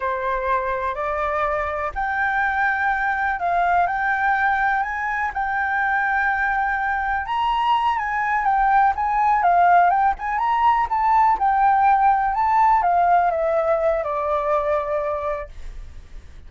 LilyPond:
\new Staff \with { instrumentName = "flute" } { \time 4/4 \tempo 4 = 124 c''2 d''2 | g''2. f''4 | g''2 gis''4 g''4~ | g''2. ais''4~ |
ais''8 gis''4 g''4 gis''4 f''8~ | f''8 g''8 gis''8 ais''4 a''4 g''8~ | g''4. a''4 f''4 e''8~ | e''4 d''2. | }